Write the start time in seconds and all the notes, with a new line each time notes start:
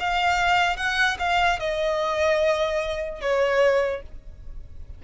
0.00 F5
0.77 F#5
1.19 F5
1.60 D#5
3.21 C#5